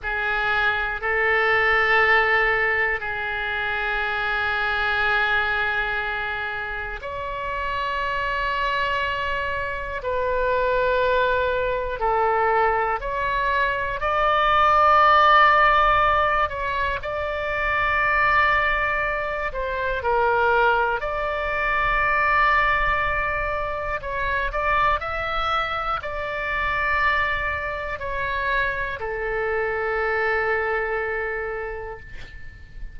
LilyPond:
\new Staff \with { instrumentName = "oboe" } { \time 4/4 \tempo 4 = 60 gis'4 a'2 gis'4~ | gis'2. cis''4~ | cis''2 b'2 | a'4 cis''4 d''2~ |
d''8 cis''8 d''2~ d''8 c''8 | ais'4 d''2. | cis''8 d''8 e''4 d''2 | cis''4 a'2. | }